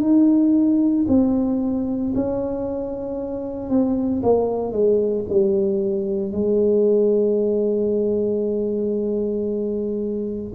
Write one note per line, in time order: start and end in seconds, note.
0.00 1.05 D#4
1.08 2.13 C4
2.15 3.69 C#4
3.69 4.22 C4
4.22 4.72 A#3
4.72 5.24 G#3
5.28 6.31 G3
6.31 10.52 G#3